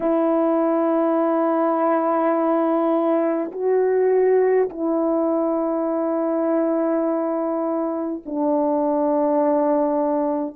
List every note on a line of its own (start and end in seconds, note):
0.00 3.50 E4
3.51 4.69 F#4
4.69 8.22 E4
8.25 10.55 D4